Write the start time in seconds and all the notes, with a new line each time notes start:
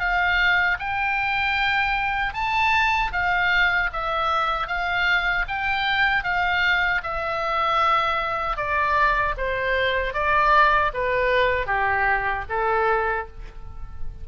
0.00 F5
0.80 G5
2.34 A5
3.13 F5
3.93 E5
4.68 F5
5.49 G5
6.24 F5
7.03 E5
8.57 D5
9.38 C5
10.14 D5
10.94 B4
11.67 G4
12.50 A4